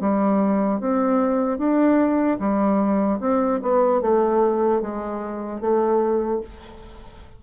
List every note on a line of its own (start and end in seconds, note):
0.00 0.80 G3
0.80 1.59 C4
1.59 2.39 D4
2.40 3.20 G3
3.20 3.60 C4
3.62 4.01 B3
4.01 4.81 A3
4.81 5.60 G#3
5.60 6.40 A3